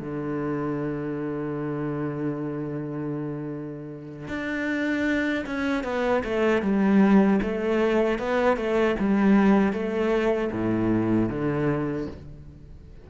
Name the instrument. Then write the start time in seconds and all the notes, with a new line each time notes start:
cello
0.00 D3
4.28 D4
5.46 C#4
5.84 B3
6.24 A3
6.62 G3
7.42 A3
8.19 B3
8.57 A3
8.99 G3
9.73 A3
10.52 A2
11.29 D3